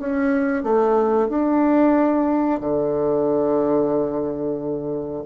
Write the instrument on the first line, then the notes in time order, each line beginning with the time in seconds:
bassoon
0.00 C#4
0.64 A3
1.29 D4
2.60 D3